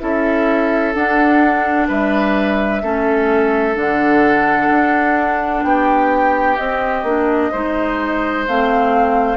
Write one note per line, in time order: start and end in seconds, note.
0.00 0.95 C#4
0.00 0.94 E4
0.00 1.88 A4
0.00 0.94 E5
0.94 1.89 D4
0.94 2.82 D4
0.94 1.88 F#5
1.88 2.83 G3
1.88 2.82 B4
1.88 3.76 E5
2.83 3.76 A3
2.83 3.74 C#4
2.83 5.64 A4
3.74 4.70 D3
3.74 6.56 D4
3.74 5.63 F#5
4.70 5.64 D4
5.63 6.58 B3
5.63 7.52 G4
5.63 6.57 G5
6.57 7.05 C4
6.57 7.03 C4
6.57 8.44 D#5
7.03 7.50 A#3
7.03 7.53 D4
7.52 8.47 G#3
7.52 8.47 D#4
7.52 9.37 C5
8.47 9.37 A3
8.47 9.37 C4
8.47 9.37 F5